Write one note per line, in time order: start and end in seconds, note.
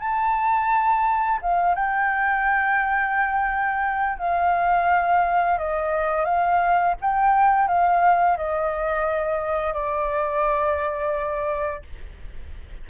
0.00 1.40 A5
1.42 1.75 F5
1.75 4.19 G5
4.19 5.58 F5
5.58 6.25 D#5
6.25 6.95 F5
7.01 7.68 G5
7.68 8.37 F5
8.37 9.74 D#5
9.74 11.83 D5